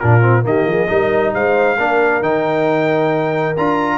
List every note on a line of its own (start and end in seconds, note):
0.00 0.45 A#2
0.00 0.22 D4
0.00 0.44 F4
0.00 0.44 A#4
0.22 0.43 C4
0.43 0.66 D#3
0.43 0.88 A#3
0.43 0.69 G4
0.43 1.34 D#5
0.66 0.89 F3
0.66 0.89 G#4
0.88 1.34 G3
0.88 1.77 D#4
0.88 1.33 A#4
1.34 1.79 G#3
1.34 1.78 C5
1.34 2.23 F5
1.78 2.22 A#3
1.78 2.23 D4
1.78 3.98 A#4
2.22 3.55 D#3
2.22 3.56 D#4
2.22 3.56 G5
3.57 3.98 D4
3.57 3.98 F4
3.57 3.98 A#5